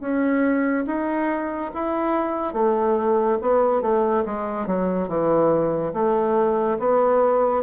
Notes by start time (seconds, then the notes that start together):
0.00 C#4
0.86 D#4
1.74 E4
2.54 A3
3.41 B3
3.81 A3
4.25 G#3
4.66 F#3
5.08 E3
5.93 A3
6.79 B3